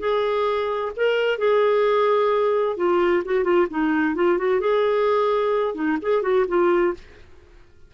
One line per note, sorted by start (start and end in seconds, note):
0.00 0.92 G#4
0.97 1.39 A#4
1.39 2.77 G#4
2.77 3.23 F4
3.25 3.44 F#4
3.44 3.67 F4
3.70 4.16 D#4
4.16 4.38 F4
4.38 4.60 F#4
4.60 5.75 G#4
5.75 5.98 D#4
6.02 6.23 G#4
6.23 6.46 F#4
6.48 6.94 F4